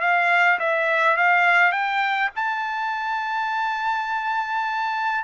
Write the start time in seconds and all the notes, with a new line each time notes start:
0.00 F5
0.59 E5
1.16 F5
1.72 G5
2.35 A5